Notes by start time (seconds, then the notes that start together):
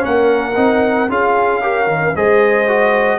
0.00 A#3 C#4 A#4 F#5
0.56 C4 D#4
1.09 C#4 F4 G#4 F5
1.62 G4 A#4
1.87 D#3
2.16 G#3 G#4 C5 D#5
2.68 F#4